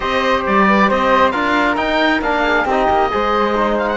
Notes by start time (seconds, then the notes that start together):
0.00 C4 G4 C5 D#5
0.46 G3 D5
0.67 B4
0.88 C4 C5 D#5
1.31 D4 F4 A#4 F5
1.76 D#4 G5
2.21 A#3 D4 F5
2.43 G#4
2.64 C4 D#4 G4
2.70 D#5
2.89 A#3
3.10 G#3 G#4 C5
3.55 D#4
3.78 F5
3.88 F#5